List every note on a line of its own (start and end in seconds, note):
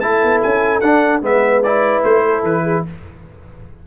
0.00 0.23 A3
0.00 0.82 E4
0.00 1.23 A4
0.00 0.40 A5
0.23 0.43 B3
0.42 0.82 C#4
0.42 0.80 G#5
0.80 1.22 D4
0.80 1.20 F#5
1.22 2.02 G#3
1.22 1.62 B3
1.22 2.25 B4
1.22 1.63 E5
1.63 2.86 E4
1.63 2.03 D5
2.03 2.43 A3
2.03 2.44 C5
2.25 2.63 A4
2.43 2.83 E3
2.43 2.85 B4
2.63 2.83 G#4